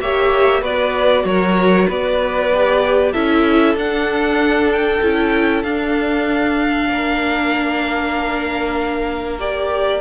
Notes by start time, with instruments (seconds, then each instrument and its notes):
0.00 cello A#3, viola G4, violin C#5 E5
0.61 cello B3, viola F#4, violin B4 D5
1.24 cello F#3, violin A#4 C#5
1.88 cello B3, violin B4 D5
2.53 viola G4
3.12 cello C#4, viola E4, violin A4 E5
3.75 cello D4, viola D4, violin F#5
4.72 violin G5
5.02 cello C#4, viola E4
5.63 cello D4, viola D4, violin F5
6.89 cello A#3, violin A#4
9.39 viola G4, violin D5